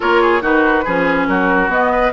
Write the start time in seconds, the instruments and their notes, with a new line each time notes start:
0.00 bassoon A#3, clarinet F4, oboe A#4, flute C#5
0.21 oboe G#4
0.41 bassoon D#3, clarinet D#4, oboe F#4, flute B4
0.84 bassoon F3, clarinet C#4, oboe G#4
1.27 bassoon F#3, oboe F#4, flute A#4
1.68 bassoon B3, clarinet B3, flute D#5
1.91 oboe B4